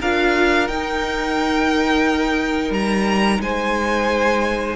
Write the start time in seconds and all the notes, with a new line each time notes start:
0.00 D4 F4 A#4 F5
0.67 D#4 G5
2.70 G3 A#5
3.40 G#3 C5 G#5